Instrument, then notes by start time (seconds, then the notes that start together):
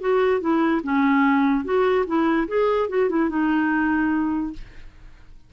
clarinet
0.00 F#4
0.41 E4
0.83 C#4
1.64 F#4
2.06 E4
2.48 G#4
2.89 F#4
3.09 E4
3.30 D#4